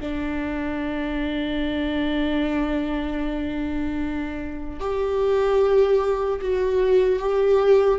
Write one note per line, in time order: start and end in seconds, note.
0.00 4.80 D4
4.80 6.40 G4
6.41 7.19 F#4
7.19 7.99 G4